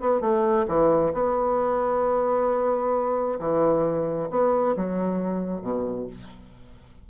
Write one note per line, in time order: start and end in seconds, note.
0.00 0.21 B3
0.21 0.66 A3
0.68 1.13 E3
1.13 3.39 B3
3.39 4.29 E3
4.30 4.75 B3
4.76 5.61 F#3
5.61 6.07 B2